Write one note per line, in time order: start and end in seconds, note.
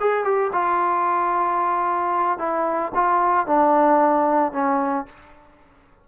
0.00 0.24 G#4
0.24 0.51 G4
0.53 2.38 F4
2.38 2.92 E4
2.94 3.47 F4
3.47 4.52 D4
4.52 5.06 C#4